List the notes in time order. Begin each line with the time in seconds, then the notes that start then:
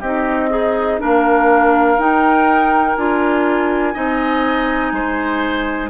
0.00 C4 D#4 G4 D#5
0.50 D#4 G#4
0.99 A#3 D4 A#4 F5
1.98 D#4 G5
2.96 D4 F4 G#5
3.94 C4 D#4 D#5
4.92 G#3 C5